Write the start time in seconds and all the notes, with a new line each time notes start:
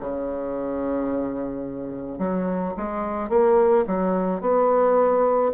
0.00 C#3
2.19 F#3
2.77 G#3
3.29 A#3
3.87 F#3
4.41 B3